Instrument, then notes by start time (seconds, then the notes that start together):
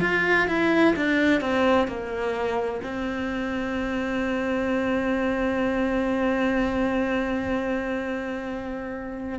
cello
0.00 F4
0.47 E4
0.95 D4
1.40 C4
1.87 A#3
2.83 C4